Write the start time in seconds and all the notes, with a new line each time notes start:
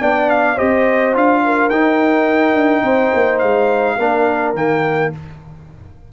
0.00 B3 D4 D5 G5
0.30 F5
0.56 C4 G4 C5 D#5
1.14 D4 F4 F5
1.45 A#4
1.70 D#4 G5
2.54 D4
2.83 C4 C5
3.14 A#3
3.39 G#3 F5
3.97 A#3 D4 A#4
4.54 D#3 A#3 G5